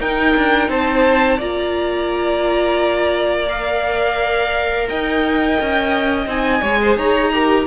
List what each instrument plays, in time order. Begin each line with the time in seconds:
0.00 cello D#4, viola D#4, violin A#4 G5
0.37 cello D4
0.69 cello C4, violin C5 A5
1.38 cello A#3, viola F4, violin D5 A#5
3.46 viola A#4, violin F5
4.89 cello D#4, violin D#5 G5
5.61 cello C#4
6.27 cello C4, viola D#4, violin G#5
6.62 cello G#3, viola G#4, violin C#5
6.83 violin C5
6.97 cello D#4, violin C#5 A#5
7.33 viola G4, violin A#4